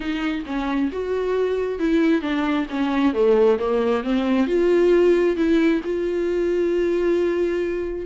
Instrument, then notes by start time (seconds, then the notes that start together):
viola
0.00 D#4
0.45 C#4
0.92 F#4
1.79 E4
2.21 D4
2.69 C#4
3.13 A3
3.58 A#3
4.03 C4
4.46 F4
5.36 E4
5.84 F4